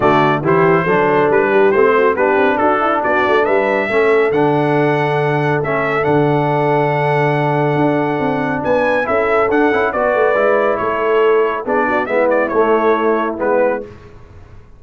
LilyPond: <<
  \new Staff \with { instrumentName = "trumpet" } { \time 4/4 \tempo 4 = 139 d''4 c''2 b'4 | c''4 b'4 a'4 d''4 | e''2 fis''2~ | fis''4 e''4 fis''2~ |
fis''1 | gis''4 e''4 fis''4 d''4~ | d''4 cis''2 d''4 | e''8 d''8 cis''2 b'4 | }
  \new Staff \with { instrumentName = "horn" } { \time 4/4 fis'4 g'4 a'4. g'8~ | g'8 fis'8 g'4 fis'8 e'8 fis'4 | b'4 a'2.~ | a'1~ |
a'1 | b'4 a'2 b'4~ | b'4 a'2 gis'8 fis'8 | e'1 | }
  \new Staff \with { instrumentName = "trombone" } { \time 4/4 a4 e'4 d'2 | c'4 d'2.~ | d'4 cis'4 d'2~ | d'4 cis'4 d'2~ |
d'1~ | d'4 e'4 d'8 e'8 fis'4 | e'2. d'4 | b4 a2 b4 | }
  \new Staff \with { instrumentName = "tuba" } { \time 4/4 d4 e4 fis4 g4 | a4 b8 c'8 d'4 b8 a8 | g4 a4 d2~ | d4 a4 d2~ |
d2 d'4 c'4 | b4 cis'4 d'8 cis'8 b8 a8 | gis4 a2 b4 | gis4 a2 gis4 | }
>>